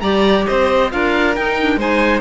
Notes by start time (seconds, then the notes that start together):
0.00 G3 G4 D5 A#5
0.47 C4 C5 D#5
0.91 D4 F4 A#4 F5
1.35 D#4 G5
1.59 D4
1.76 G#3 D#4 C5 G#5